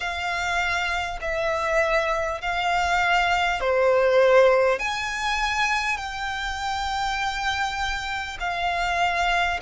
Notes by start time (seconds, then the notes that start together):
0.00 F5
1.21 E5
2.41 F5
3.60 C5
4.79 G#5
5.97 G5
8.40 F5